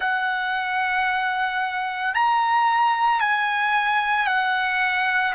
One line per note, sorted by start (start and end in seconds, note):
0.00 2.14 F#5
2.14 3.20 A#5
3.20 4.27 G#5
4.27 5.34 F#5